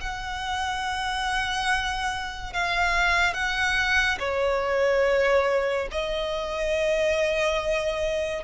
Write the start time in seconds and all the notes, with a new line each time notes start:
0.00 F#5
2.53 F5
3.33 F#5
4.19 C#5
5.91 D#5